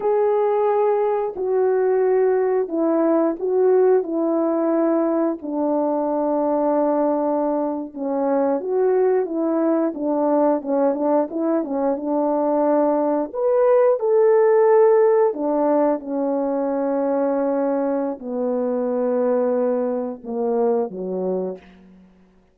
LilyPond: \new Staff \with { instrumentName = "horn" } { \time 4/4 \tempo 4 = 89 gis'2 fis'2 | e'4 fis'4 e'2 | d'2.~ d'8. cis'16~ | cis'8. fis'4 e'4 d'4 cis'16~ |
cis'16 d'8 e'8 cis'8 d'2 b'16~ | b'8. a'2 d'4 cis'16~ | cis'2. b4~ | b2 ais4 fis4 | }